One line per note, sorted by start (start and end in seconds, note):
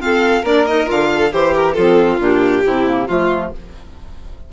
0.00 0.44 C4
0.00 0.44 F4
0.00 0.42 A4
0.00 0.45 F5
0.42 0.87 A#3
0.42 0.67 D4
0.42 1.08 A#4
0.42 0.67 D5
0.67 0.86 D#4
0.67 0.88 D#5
0.86 1.33 D3
0.86 1.30 F4
0.86 1.33 F5
1.15 1.32 A4
1.32 1.76 E3
1.32 1.75 G4
1.32 1.77 G4
1.32 1.55 C5
1.55 1.74 A#4
1.74 2.19 F3
1.74 2.19 C4
1.74 2.63 F4
1.74 2.18 A4
2.19 2.63 A#2
2.19 2.63 D4
2.19 3.07 G4
2.65 3.09 C3
2.65 2.86 C4
2.65 3.09 E4
2.86 3.08 A#3
3.07 3.53 F3
3.07 3.53 A3
3.07 3.50 F4
3.07 3.53 F4